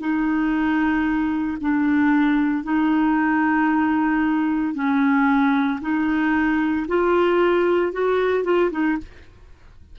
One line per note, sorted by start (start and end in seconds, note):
0.00 1.58 D#4
1.61 2.64 D4
2.64 4.75 D#4
4.75 5.80 C#4
5.81 6.87 D#4
6.88 7.92 F4
7.92 8.44 F#4
8.44 8.71 F4
8.72 8.98 D#4